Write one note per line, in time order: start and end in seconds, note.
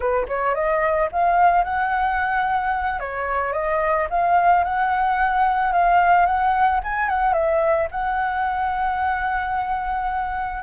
0.00 0.26 B4
0.28 0.55 C#5
0.55 1.09 D#5
1.12 1.64 F5
1.64 2.99 F#5
2.99 3.53 C#5
3.53 4.07 D#5
4.10 4.64 F5
4.64 5.72 F#5
5.72 6.26 F5
6.26 6.80 F#5
6.83 7.08 G#5
7.08 7.33 F#5
7.33 7.87 E5
7.91 10.62 F#5